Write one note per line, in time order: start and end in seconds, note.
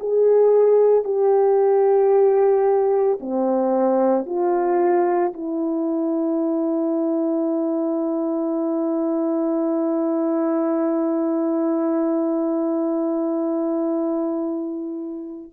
0.00 1.05 G#4
1.05 3.19 G4
3.20 4.26 C4
4.26 5.33 F4
5.33 15.51 E4